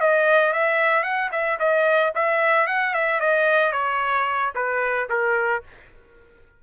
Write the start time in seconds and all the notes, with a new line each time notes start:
0.00 D#5
0.53 E5
1.03 F#5
1.31 E5
1.59 D#5
2.15 E5
2.67 F#5
2.93 E5
3.20 D#5
3.72 C#5
4.55 B4
5.09 A#4